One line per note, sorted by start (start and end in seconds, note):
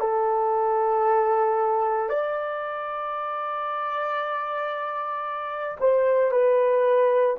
0.00 2.09 A4
2.09 5.78 D5
5.80 6.31 C5
6.31 7.36 B4